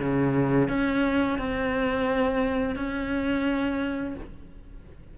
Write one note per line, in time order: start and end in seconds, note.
0.00 0.69 C#3
0.69 1.39 C#4
1.39 2.76 C4
2.76 4.16 C#4